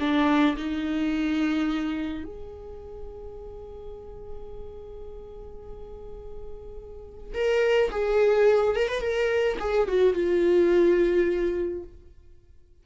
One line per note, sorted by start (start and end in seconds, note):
0.00 0.57 D4
0.57 2.24 D#4
2.24 7.34 G#4
7.34 7.91 A#4
7.91 8.76 G#4
8.76 8.89 A#4
8.89 9.01 B4
9.01 9.58 A#4
9.60 9.88 G#4
9.88 10.14 F#4
10.14 11.84 F4